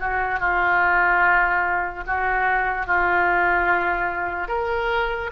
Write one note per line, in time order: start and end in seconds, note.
0.00 0.40 F#4
0.40 2.04 F4
2.07 2.87 F#4
2.87 4.48 F4
4.48 5.31 A#4